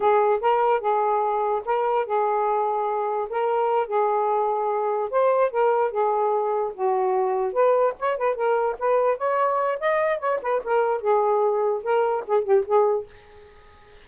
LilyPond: \new Staff \with { instrumentName = "saxophone" } { \time 4/4 \tempo 4 = 147 gis'4 ais'4 gis'2 | ais'4 gis'2. | ais'4. gis'2~ gis'8~ | gis'8 c''4 ais'4 gis'4.~ |
gis'8 fis'2 b'4 cis''8 | b'8 ais'4 b'4 cis''4. | dis''4 cis''8 b'8 ais'4 gis'4~ | gis'4 ais'4 gis'8 g'8 gis'4 | }